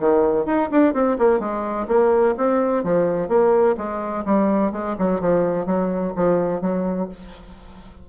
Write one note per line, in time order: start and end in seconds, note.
0.00 0.46 D#3
0.46 0.69 D#4
0.72 0.94 D4
0.94 1.17 C4
1.19 1.40 A#3
1.40 1.87 G#3
1.88 2.35 A#3
2.37 2.84 C4
2.84 3.29 F3
3.29 3.76 A#3
3.77 4.25 G#3
4.26 4.72 G3
4.72 4.96 G#3
4.98 5.21 F#3
5.21 5.66 F3
5.66 6.13 F#3
6.16 6.62 F3
6.62 7.09 F#3